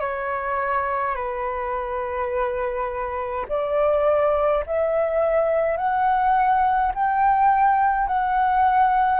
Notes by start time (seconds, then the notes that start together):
0.00 C#5
1.15 B4
3.48 D5
4.66 E5
5.77 F#5
6.94 G5
8.07 F#5